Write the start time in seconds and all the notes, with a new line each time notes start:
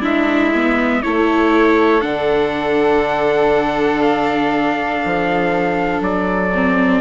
0.00 G#3 D4 E4 E5
0.55 B3
1.02 A3 E4 A4 C#5
2.01 D3 D4 F#5
4.01 F5
5.04 F3
6.00 F#3 D5
6.54 C4